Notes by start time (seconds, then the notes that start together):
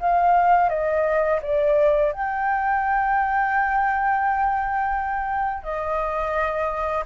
0.00 F5
0.69 D#5
1.42 D5
2.13 G5
5.63 D#5